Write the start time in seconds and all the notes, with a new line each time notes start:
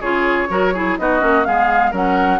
0.00 C#3 F4 G#4 C#5
0.49 F#3 F#4 A#4
0.73 E4 G#4
0.98 B3 D#4 F#4 D#5
1.20 A#3 C#4
1.44 G#3 B3 G#4 F5
1.91 F#3 C#4 A#4 F#5